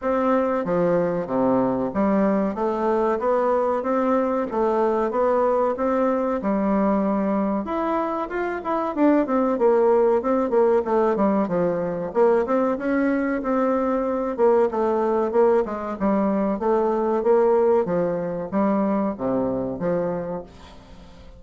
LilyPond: \new Staff \with { instrumentName = "bassoon" } { \time 4/4 \tempo 4 = 94 c'4 f4 c4 g4 | a4 b4 c'4 a4 | b4 c'4 g2 | e'4 f'8 e'8 d'8 c'8 ais4 |
c'8 ais8 a8 g8 f4 ais8 c'8 | cis'4 c'4. ais8 a4 | ais8 gis8 g4 a4 ais4 | f4 g4 c4 f4 | }